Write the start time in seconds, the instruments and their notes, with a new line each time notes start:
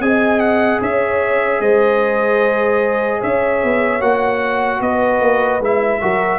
0.00 tuba C4, trombone G#4, horn D#5, trumpet G#5
0.40 trumpet F#5
0.82 tuba C#4, horn C#5, trumpet E5
1.60 tuba G#3, horn C5, trumpet D#5
3.20 tuba C#4, horn C#5, trumpet E5
3.63 tuba B3
4.01 tuba A#3, trombone F#4, trumpet F#5
4.81 tuba B3, horn B4, trumpet D#5
5.21 tuba A#3
5.60 tuba G#3, trombone E4, trumpet E5
6.00 tuba F#3, trombone F#4, horn A#4